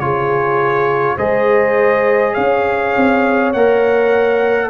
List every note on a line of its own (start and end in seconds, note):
0.00 1.18 C#3
0.00 1.18 F4
0.00 1.16 G#4
0.00 1.18 C#5
1.16 2.36 G#3
1.16 3.54 G#4
1.16 2.34 C5
1.16 2.34 D#5
2.34 2.96 C#4
2.34 4.70 C#5
2.34 3.52 F5
2.97 3.54 C4
3.53 4.70 A#3
3.53 4.70 A#4
3.53 4.70 F#5